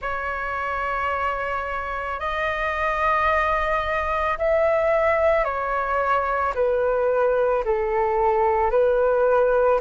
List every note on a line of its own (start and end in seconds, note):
0.01 2.19 C#5
2.19 4.37 D#5
4.37 5.44 E5
5.44 6.53 C#5
6.55 7.64 B4
7.64 8.70 A4
8.70 9.79 B4